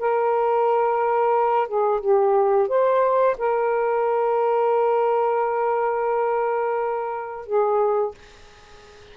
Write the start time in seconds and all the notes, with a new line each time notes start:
0.00 A#4
1.68 G#4
2.01 G4
2.68 C5
3.38 A#4
7.47 G#4